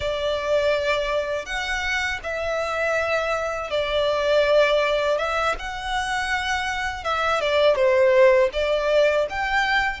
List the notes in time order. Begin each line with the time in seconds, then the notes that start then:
0.00 D5
1.45 F#5
2.23 E5
3.70 D5
5.18 E5
5.58 F#5
7.04 E5
7.40 D5
7.75 C5
8.52 D5
9.29 G5